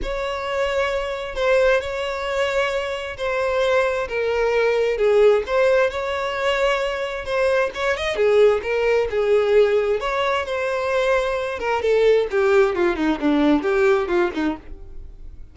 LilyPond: \new Staff \with { instrumentName = "violin" } { \time 4/4 \tempo 4 = 132 cis''2. c''4 | cis''2. c''4~ | c''4 ais'2 gis'4 | c''4 cis''2. |
c''4 cis''8 dis''8 gis'4 ais'4 | gis'2 cis''4 c''4~ | c''4. ais'8 a'4 g'4 | f'8 dis'8 d'4 g'4 f'8 dis'8 | }